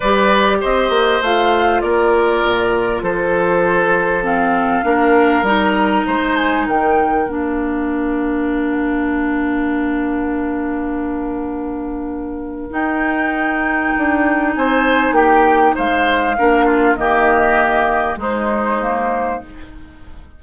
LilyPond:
<<
  \new Staff \with { instrumentName = "flute" } { \time 4/4 \tempo 4 = 99 d''4 dis''4 f''4 d''4~ | d''4 c''2 f''4~ | f''4 ais''4. gis''8 g''4 | f''1~ |
f''1~ | f''4 g''2. | gis''4 g''4 f''2 | dis''2 c''2 | }
  \new Staff \with { instrumentName = "oboe" } { \time 4/4 b'4 c''2 ais'4~ | ais'4 a'2. | ais'2 c''4 ais'4~ | ais'1~ |
ais'1~ | ais'1 | c''4 g'4 c''4 ais'8 f'8 | g'2 dis'2 | }
  \new Staff \with { instrumentName = "clarinet" } { \time 4/4 g'2 f'2~ | f'2. c'4 | d'4 dis'2. | d'1~ |
d'1~ | d'4 dis'2.~ | dis'2. d'4 | ais2 gis4 ais4 | }
  \new Staff \with { instrumentName = "bassoon" } { \time 4/4 g4 c'8 ais8 a4 ais4 | ais,4 f2. | ais4 g4 gis4 dis4 | ais1~ |
ais1~ | ais4 dis'2 d'4 | c'4 ais4 gis4 ais4 | dis2 gis2 | }
>>